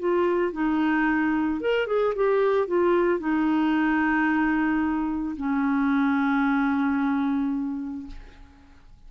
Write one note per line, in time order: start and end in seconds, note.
0.00 0.53 F4
0.53 1.61 D#4
1.61 1.87 A#4
1.87 2.14 G#4
2.16 2.68 G4
2.68 3.20 F4
3.20 5.36 D#4
5.37 8.07 C#4